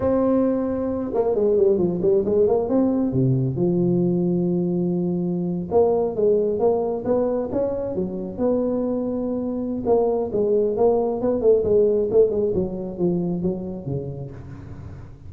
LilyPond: \new Staff \with { instrumentName = "tuba" } { \time 4/4 \tempo 4 = 134 c'2~ c'8 ais8 gis8 g8 | f8 g8 gis8 ais8 c'4 c4 | f1~ | f8. ais4 gis4 ais4 b16~ |
b8. cis'4 fis4 b4~ b16~ | b2 ais4 gis4 | ais4 b8 a8 gis4 a8 gis8 | fis4 f4 fis4 cis4 | }